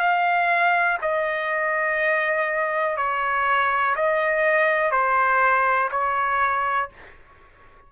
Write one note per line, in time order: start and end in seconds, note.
0.00 0.98 F5
1.02 2.97 D#5
2.97 3.95 C#5
3.96 4.92 D#5
4.92 5.90 C5
5.92 6.90 C#5